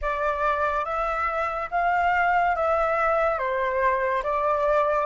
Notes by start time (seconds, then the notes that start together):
0.01 D5
0.85 E5
1.71 F5
2.55 E5
3.38 C5
4.23 D5